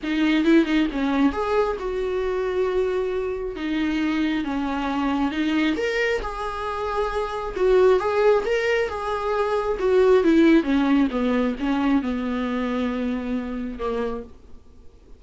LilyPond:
\new Staff \with { instrumentName = "viola" } { \time 4/4 \tempo 4 = 135 dis'4 e'8 dis'8 cis'4 gis'4 | fis'1 | dis'2 cis'2 | dis'4 ais'4 gis'2~ |
gis'4 fis'4 gis'4 ais'4 | gis'2 fis'4 e'4 | cis'4 b4 cis'4 b4~ | b2. ais4 | }